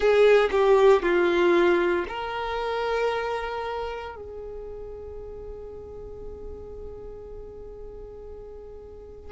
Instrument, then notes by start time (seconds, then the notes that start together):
violin
0.00 G#4
0.51 G4
1.02 F4
2.08 A#4
4.15 G#4